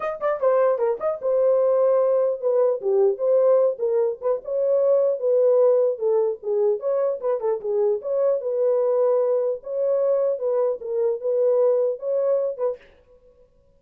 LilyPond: \new Staff \with { instrumentName = "horn" } { \time 4/4 \tempo 4 = 150 dis''8 d''8 c''4 ais'8 dis''8 c''4~ | c''2 b'4 g'4 | c''4. ais'4 b'8 cis''4~ | cis''4 b'2 a'4 |
gis'4 cis''4 b'8 a'8 gis'4 | cis''4 b'2. | cis''2 b'4 ais'4 | b'2 cis''4. b'8 | }